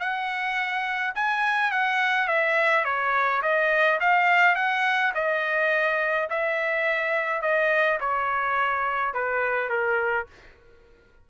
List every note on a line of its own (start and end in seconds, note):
0.00 1.14 F#5
1.15 1.72 G#5
1.72 2.28 F#5
2.28 2.85 E5
2.85 3.42 C#5
3.43 4.00 D#5
4.01 4.56 F5
4.56 5.13 F#5
5.15 6.29 D#5
6.30 7.42 E5
7.42 7.99 D#5
8.01 9.14 C#5
9.14 9.70 B4
9.70 10.27 A#4